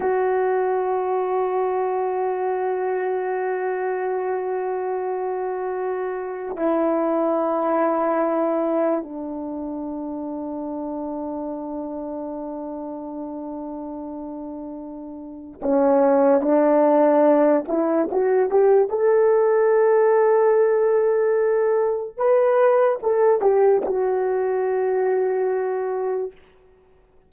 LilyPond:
\new Staff \with { instrumentName = "horn" } { \time 4/4 \tempo 4 = 73 fis'1~ | fis'1 | e'2. d'4~ | d'1~ |
d'2. cis'4 | d'4. e'8 fis'8 g'8 a'4~ | a'2. b'4 | a'8 g'8 fis'2. | }